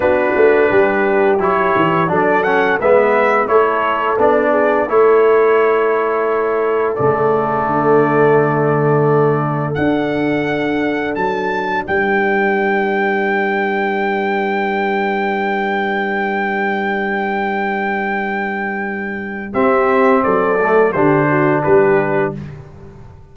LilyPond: <<
  \new Staff \with { instrumentName = "trumpet" } { \time 4/4 \tempo 4 = 86 b'2 cis''4 d''8 fis''8 | e''4 cis''4 d''4 cis''4~ | cis''2 d''2~ | d''2 fis''2 |
a''4 g''2.~ | g''1~ | g''1 | e''4 d''4 c''4 b'4 | }
  \new Staff \with { instrumentName = "horn" } { \time 4/4 fis'4 g'2 a'4 | b'4 a'4. gis'8 a'4~ | a'1~ | a'1~ |
a'4 b'2.~ | b'1~ | b'1 | g'4 a'4 g'8 fis'8 g'4 | }
  \new Staff \with { instrumentName = "trombone" } { \time 4/4 d'2 e'4 d'8 cis'8 | b4 e'4 d'4 e'4~ | e'2 a2~ | a2 d'2~ |
d'1~ | d'1~ | d'1 | c'4. a8 d'2 | }
  \new Staff \with { instrumentName = "tuba" } { \time 4/4 b8 a8 g4 fis8 e8 fis4 | gis4 a4 b4 a4~ | a2 cis4 d4~ | d2 d'2 |
fis4 g2.~ | g1~ | g1 | c'4 fis4 d4 g4 | }
>>